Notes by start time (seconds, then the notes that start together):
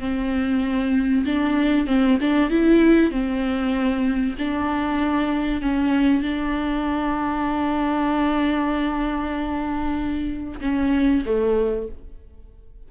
0.00 C4
1.26 D4
1.88 C4
2.21 D4
2.51 E4
3.12 C4
4.39 D4
5.62 C#4
6.23 D4
10.61 C#4
11.26 A3